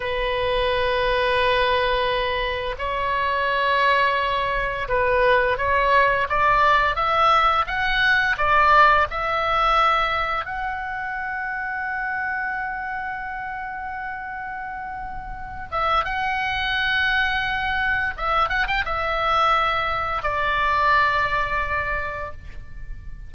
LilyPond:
\new Staff \with { instrumentName = "oboe" } { \time 4/4 \tempo 4 = 86 b'1 | cis''2. b'4 | cis''4 d''4 e''4 fis''4 | d''4 e''2 fis''4~ |
fis''1~ | fis''2~ fis''8 e''8 fis''4~ | fis''2 e''8 fis''16 g''16 e''4~ | e''4 d''2. | }